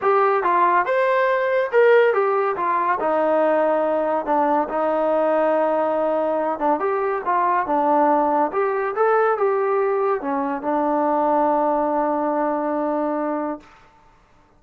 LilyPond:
\new Staff \with { instrumentName = "trombone" } { \time 4/4 \tempo 4 = 141 g'4 f'4 c''2 | ais'4 g'4 f'4 dis'4~ | dis'2 d'4 dis'4~ | dis'2.~ dis'8 d'8 |
g'4 f'4 d'2 | g'4 a'4 g'2 | cis'4 d'2.~ | d'1 | }